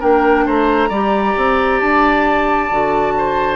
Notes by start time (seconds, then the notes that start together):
0.00 A#3 D4 A#4 G5
0.46 A3 C5 A#5
0.89 G3 G4 D5
1.37 C4
1.80 D4 A5
2.71 D3 F#4
3.18 C5